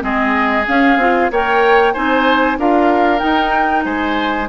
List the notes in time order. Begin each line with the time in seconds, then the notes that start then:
0.00 G#3 C4 G#4 D#5
0.67 C#4 F5
0.97 C4 F4
1.31 A#3 A#4 C#5 G5
1.93 C4 D#4 C5 G#5
2.58 D4 F4 A#4 F5
3.19 D#4 G5
3.85 G#3 C5 G#5